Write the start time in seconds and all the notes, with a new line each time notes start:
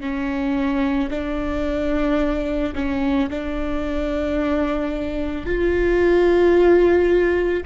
0.00 C#4
1.10 D4
2.75 C#4
3.29 D4
5.45 F4